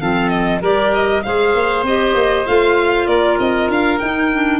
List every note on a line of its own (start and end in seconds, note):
0.00 0.62 F3
0.00 0.61 C4
0.00 0.61 A4
0.00 0.29 F5
0.29 0.59 D#5
0.61 1.24 G3
0.61 1.23 G4
0.61 1.23 A#4
0.61 0.94 D5
0.94 1.23 D#5
1.23 1.55 G#3
1.23 1.86 G#4
1.23 3.09 C5
1.23 1.84 F5
1.55 1.83 A#3
1.83 2.13 C4
1.83 2.47 G4
1.83 2.47 D#5
2.14 2.45 A#3
2.47 3.07 A3
2.47 4.00 F4
2.47 3.07 F5
3.07 3.37 A#3
3.07 4.60 A#4
3.07 3.37 D5
3.40 3.68 C4
3.40 3.71 D#5
3.68 3.99 D4
3.68 3.99 F5
3.99 4.32 D#4
3.99 4.60 D#4
3.99 4.60 G5
4.32 4.60 D4